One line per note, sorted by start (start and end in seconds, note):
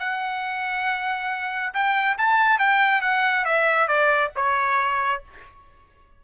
0.00 1.74 F#5
1.74 2.18 G5
2.18 2.60 A5
2.60 3.02 G5
3.02 3.45 F#5
3.45 3.88 E5
3.88 4.32 D5
4.36 5.23 C#5